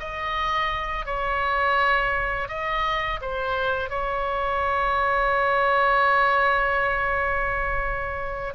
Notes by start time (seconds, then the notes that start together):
0.00 D#5
1.06 C#5
2.49 D#5
3.21 C5
3.90 C#5